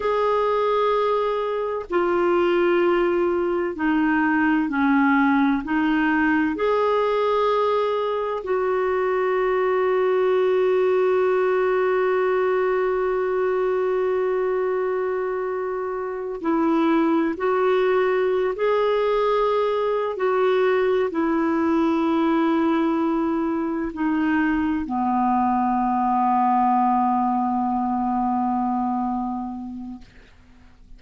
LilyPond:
\new Staff \with { instrumentName = "clarinet" } { \time 4/4 \tempo 4 = 64 gis'2 f'2 | dis'4 cis'4 dis'4 gis'4~ | gis'4 fis'2.~ | fis'1~ |
fis'4. e'4 fis'4~ fis'16 gis'16~ | gis'4. fis'4 e'4.~ | e'4. dis'4 b4.~ | b1 | }